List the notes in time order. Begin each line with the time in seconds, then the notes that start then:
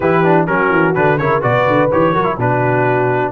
0.00 E3 E4 G4 B4
0.23 D4
0.46 F#3 C#4 F#4 A#4
0.69 E3
0.94 D3 D4 B4
1.18 C#3 E4 A#4 C#5
1.40 B2 F#4 B4 D5
1.67 D3
1.91 E3 G4 C#5
2.12 F#3 F#4 A#4
2.24 E4
2.37 B2 D4 F#4 B4